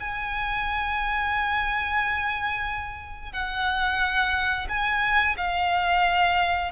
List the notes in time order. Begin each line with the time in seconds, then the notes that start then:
0.00 G#5
3.32 F#5
4.69 G#5
5.37 F5